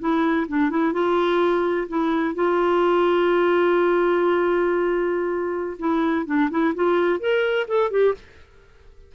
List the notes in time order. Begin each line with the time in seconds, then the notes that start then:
0.00 E4
0.48 D4
0.71 E4
0.93 F4
1.89 E4
2.35 F4
5.79 E4
6.27 D4
6.51 E4
6.75 F4
7.20 A#4
7.68 A4
7.91 G4